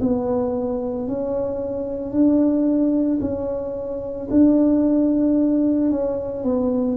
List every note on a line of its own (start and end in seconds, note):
0.00 1.07 B3
1.07 2.11 C#4
2.11 3.19 D4
3.20 4.28 C#4
4.30 5.90 D4
5.90 6.43 C#4
6.43 6.97 B3